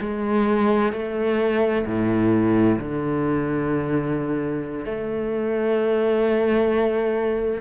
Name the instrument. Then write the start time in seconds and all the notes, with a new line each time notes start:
cello
0.00 G#3
0.92 A3
1.85 A2
2.79 D3
4.85 A3